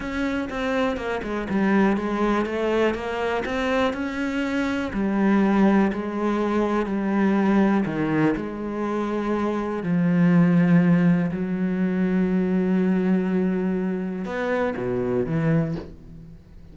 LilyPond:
\new Staff \with { instrumentName = "cello" } { \time 4/4 \tempo 4 = 122 cis'4 c'4 ais8 gis8 g4 | gis4 a4 ais4 c'4 | cis'2 g2 | gis2 g2 |
dis4 gis2. | f2. fis4~ | fis1~ | fis4 b4 b,4 e4 | }